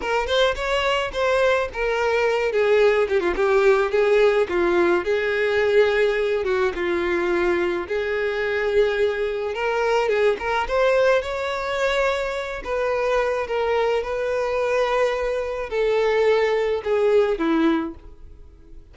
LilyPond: \new Staff \with { instrumentName = "violin" } { \time 4/4 \tempo 4 = 107 ais'8 c''8 cis''4 c''4 ais'4~ | ais'8 gis'4 g'16 f'16 g'4 gis'4 | f'4 gis'2~ gis'8 fis'8 | f'2 gis'2~ |
gis'4 ais'4 gis'8 ais'8 c''4 | cis''2~ cis''8 b'4. | ais'4 b'2. | a'2 gis'4 e'4 | }